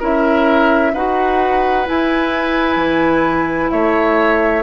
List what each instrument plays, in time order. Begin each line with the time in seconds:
0.00 bassoon C#4, clarinet E4, oboe A#4, flute E5
0.94 bassoon D#4, clarinet F#4, oboe B4, flute F#5
1.86 clarinet E4, bassoon E4, flute G#5
2.76 bassoon E3
3.71 bassoon A3, oboe C#5, flute E5